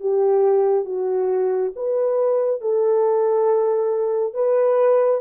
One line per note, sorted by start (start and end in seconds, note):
0.00 0.85 G4
0.85 1.72 F#4
1.76 2.61 B4
2.61 4.34 A4
4.34 5.21 B4